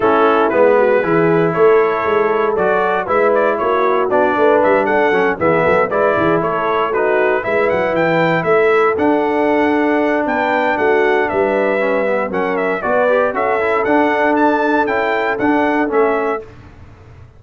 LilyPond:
<<
  \new Staff \with { instrumentName = "trumpet" } { \time 4/4 \tempo 4 = 117 a'4 b'2 cis''4~ | cis''4 d''4 e''8 d''8 cis''4 | d''4 e''8 fis''4 e''4 d''8~ | d''8 cis''4 b'4 e''8 fis''8 g''8~ |
g''8 e''4 fis''2~ fis''8 | g''4 fis''4 e''2 | fis''8 e''8 d''4 e''4 fis''4 | a''4 g''4 fis''4 e''4 | }
  \new Staff \with { instrumentName = "horn" } { \time 4/4 e'4. fis'8 gis'4 a'4~ | a'2 b'4 fis'4~ | fis'8 b'4 a'4 gis'8 a'8 b'8 | gis'8 a'4 fis'4 b'4.~ |
b'8 a'2.~ a'8 | b'4 fis'4 b'2 | ais'4 b'4 a'2~ | a'1 | }
  \new Staff \with { instrumentName = "trombone" } { \time 4/4 cis'4 b4 e'2~ | e'4 fis'4 e'2 | d'2 cis'8 b4 e'8~ | e'4. dis'4 e'4.~ |
e'4. d'2~ d'8~ | d'2. cis'8 b8 | cis'4 fis'8 g'8 fis'8 e'8 d'4~ | d'4 e'4 d'4 cis'4 | }
  \new Staff \with { instrumentName = "tuba" } { \time 4/4 a4 gis4 e4 a4 | gis4 fis4 gis4 ais4 | b8 a8 g8 d'8 fis8 e8 fis8 gis8 | e8 a2 gis8 fis8 e8~ |
e8 a4 d'2~ d'8 | b4 a4 g2 | fis4 b4 cis'4 d'4~ | d'4 cis'4 d'4 a4 | }
>>